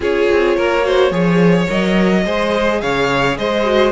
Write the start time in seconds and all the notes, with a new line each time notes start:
0.00 C#4 F4 G#4 C#5
0.31 C4
0.56 A#3 A#4
0.82 F#4 C5
1.10 F3 G#4 C#5
1.68 F#3 A#4 D#5
2.25 G#3 G#4 C5
2.81 C#3 C#5 F5
3.37 G#3 C5 D#5
3.64 F#4